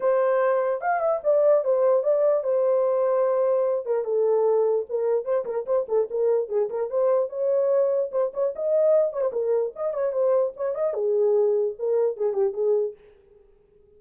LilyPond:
\new Staff \with { instrumentName = "horn" } { \time 4/4 \tempo 4 = 148 c''2 f''8 e''8 d''4 | c''4 d''4 c''2~ | c''4. ais'8 a'2 | ais'4 c''8 ais'8 c''8 a'8 ais'4 |
gis'8 ais'8 c''4 cis''2 | c''8 cis''8 dis''4. cis''16 c''16 ais'4 | dis''8 cis''8 c''4 cis''8 dis''8 gis'4~ | gis'4 ais'4 gis'8 g'8 gis'4 | }